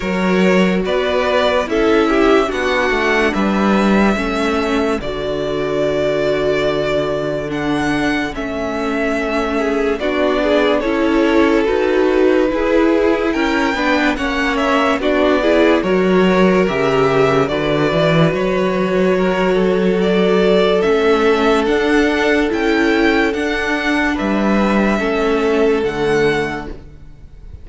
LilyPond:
<<
  \new Staff \with { instrumentName = "violin" } { \time 4/4 \tempo 4 = 72 cis''4 d''4 e''4 fis''4 | e''2 d''2~ | d''4 fis''4 e''2 | d''4 cis''4 b'2 |
g''4 fis''8 e''8 d''4 cis''4 | e''4 d''4 cis''2 | d''4 e''4 fis''4 g''4 | fis''4 e''2 fis''4 | }
  \new Staff \with { instrumentName = "violin" } { \time 4/4 ais'4 b'4 a'8 g'8 fis'4 | b'4 a'2.~ | a'2.~ a'8 gis'8 | fis'8 gis'8 a'2 gis'4 |
ais'8 b'8 cis''4 fis'8 gis'8 ais'4~ | ais'4 b'2 ais'8 a'8~ | a'1~ | a'4 b'4 a'2 | }
  \new Staff \with { instrumentName = "viola" } { \time 4/4 fis'2 e'4 d'4~ | d'4 cis'4 fis'2~ | fis'4 d'4 cis'2 | d'4 e'4 fis'4 e'4~ |
e'8 d'8 cis'4 d'8 e'8 fis'4 | g'4 fis'2.~ | fis'4 cis'4 d'4 e'4 | d'2 cis'4 a4 | }
  \new Staff \with { instrumentName = "cello" } { \time 4/4 fis4 b4 cis'4 b8 a8 | g4 a4 d2~ | d2 a2 | b4 cis'4 dis'4 e'4 |
cis'8 b8 ais4 b4 fis4 | cis4 d8 e8 fis2~ | fis4 a4 d'4 cis'4 | d'4 g4 a4 d4 | }
>>